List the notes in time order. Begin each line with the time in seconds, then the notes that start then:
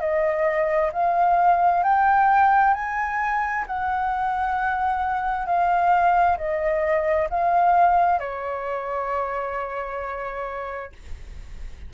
0.00 D#5
0.93 F5
1.83 G5
2.74 G#5
3.67 F#5
5.46 F5
6.38 D#5
7.30 F5
8.19 C#5